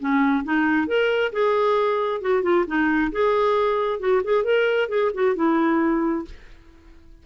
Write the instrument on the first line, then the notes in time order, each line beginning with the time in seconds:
clarinet
0.00 C#4
0.44 D#4
0.88 A#4
1.33 G#4
2.21 F#4
2.43 F4
2.67 D#4
3.12 G#4
4.00 F#4
4.24 G#4
4.44 A#4
4.89 G#4
5.14 F#4
5.36 E4